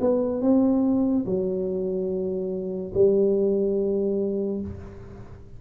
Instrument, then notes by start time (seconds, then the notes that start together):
tuba
0.00 B3
0.41 C4
1.25 F#3
2.94 G3